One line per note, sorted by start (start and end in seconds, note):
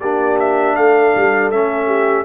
0.00 0.76 A#3
0.00 1.53 D4
0.00 0.76 G4
0.00 0.38 D5
0.39 0.76 E5
0.76 1.13 A3
0.76 1.86 A4
0.76 1.51 F5
1.15 1.52 G3
1.51 2.25 A3
1.51 2.25 C#4
1.51 2.25 E5
1.86 2.24 G4